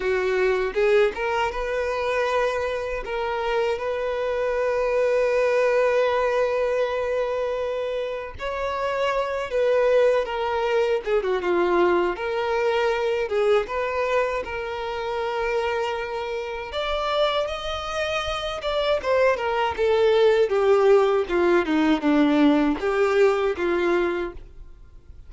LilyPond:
\new Staff \with { instrumentName = "violin" } { \time 4/4 \tempo 4 = 79 fis'4 gis'8 ais'8 b'2 | ais'4 b'2.~ | b'2. cis''4~ | cis''8 b'4 ais'4 gis'16 fis'16 f'4 |
ais'4. gis'8 b'4 ais'4~ | ais'2 d''4 dis''4~ | dis''8 d''8 c''8 ais'8 a'4 g'4 | f'8 dis'8 d'4 g'4 f'4 | }